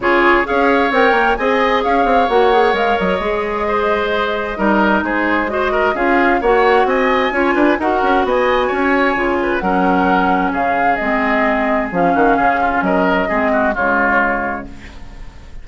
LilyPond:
<<
  \new Staff \with { instrumentName = "flute" } { \time 4/4 \tempo 4 = 131 cis''4 f''4 g''4 gis''4 | f''4 fis''4 f''8 dis''4.~ | dis''2. c''4 | dis''4 f''4 fis''4 gis''4~ |
gis''4 fis''4 gis''2~ | gis''4 fis''2 f''4 | dis''2 f''2 | dis''2 cis''2 | }
  \new Staff \with { instrumentName = "oboe" } { \time 4/4 gis'4 cis''2 dis''4 | cis''1 | c''2 ais'4 gis'4 | c''8 ais'8 gis'4 cis''4 dis''4 |
cis''8 b'8 ais'4 dis''4 cis''4~ | cis''8 b'8 ais'2 gis'4~ | gis'2~ gis'8 fis'8 gis'8 f'8 | ais'4 gis'8 fis'8 f'2 | }
  \new Staff \with { instrumentName = "clarinet" } { \time 4/4 f'4 gis'4 ais'4 gis'4~ | gis'4 fis'8 gis'8 ais'4 gis'4~ | gis'2 dis'2 | fis'4 f'4 fis'2 |
f'4 fis'2. | f'4 cis'2. | c'2 cis'2~ | cis'4 c'4 gis2 | }
  \new Staff \with { instrumentName = "bassoon" } { \time 4/4 cis4 cis'4 c'8 ais8 c'4 | cis'8 c'8 ais4 gis8 fis8 gis4~ | gis2 g4 gis4~ | gis4 cis'4 ais4 c'4 |
cis'8 d'8 dis'8 cis'8 b4 cis'4 | cis4 fis2 cis4 | gis2 f8 dis8 cis4 | fis4 gis4 cis2 | }
>>